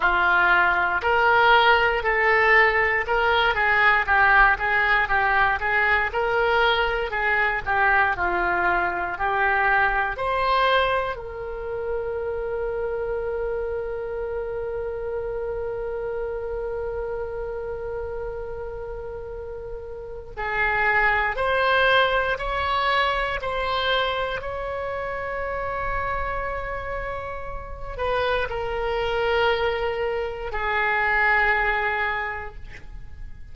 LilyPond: \new Staff \with { instrumentName = "oboe" } { \time 4/4 \tempo 4 = 59 f'4 ais'4 a'4 ais'8 gis'8 | g'8 gis'8 g'8 gis'8 ais'4 gis'8 g'8 | f'4 g'4 c''4 ais'4~ | ais'1~ |
ais'1 | gis'4 c''4 cis''4 c''4 | cis''2.~ cis''8 b'8 | ais'2 gis'2 | }